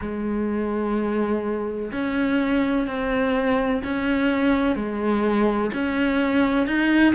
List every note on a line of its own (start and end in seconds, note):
0.01 1.91 G#3
1.91 2.87 C#4
2.87 3.82 C4
3.84 4.75 C#4
4.75 5.71 G#3
5.73 6.67 C#4
6.67 7.14 D#4